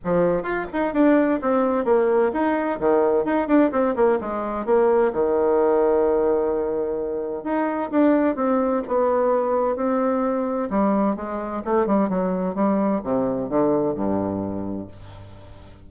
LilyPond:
\new Staff \with { instrumentName = "bassoon" } { \time 4/4 \tempo 4 = 129 f4 f'8 dis'8 d'4 c'4 | ais4 dis'4 dis4 dis'8 d'8 | c'8 ais8 gis4 ais4 dis4~ | dis1 |
dis'4 d'4 c'4 b4~ | b4 c'2 g4 | gis4 a8 g8 fis4 g4 | c4 d4 g,2 | }